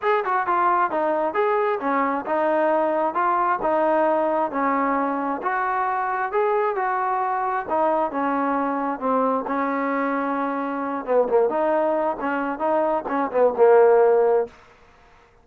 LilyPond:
\new Staff \with { instrumentName = "trombone" } { \time 4/4 \tempo 4 = 133 gis'8 fis'8 f'4 dis'4 gis'4 | cis'4 dis'2 f'4 | dis'2 cis'2 | fis'2 gis'4 fis'4~ |
fis'4 dis'4 cis'2 | c'4 cis'2.~ | cis'8 b8 ais8 dis'4. cis'4 | dis'4 cis'8 b8 ais2 | }